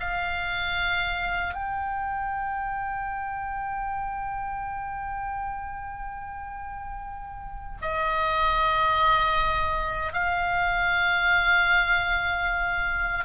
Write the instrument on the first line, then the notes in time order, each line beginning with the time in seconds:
oboe
0.00 F5
1.54 G5
7.82 D#5
10.13 F5